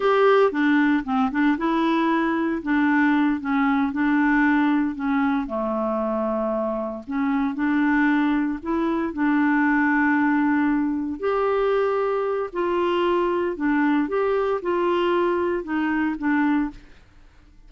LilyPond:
\new Staff \with { instrumentName = "clarinet" } { \time 4/4 \tempo 4 = 115 g'4 d'4 c'8 d'8 e'4~ | e'4 d'4. cis'4 d'8~ | d'4. cis'4 a4.~ | a4. cis'4 d'4.~ |
d'8 e'4 d'2~ d'8~ | d'4. g'2~ g'8 | f'2 d'4 g'4 | f'2 dis'4 d'4 | }